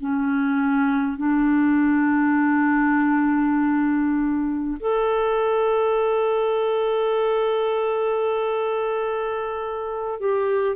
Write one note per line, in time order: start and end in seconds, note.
0.00 1.17 C#4
1.17 4.77 D4
4.80 10.20 A4
10.21 10.76 G4